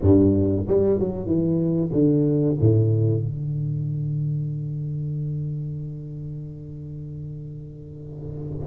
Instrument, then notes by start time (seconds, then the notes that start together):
tuba
0.01 G2
0.67 G3
0.99 F#3
1.26 E3
1.92 D3
2.60 A2
3.23 D3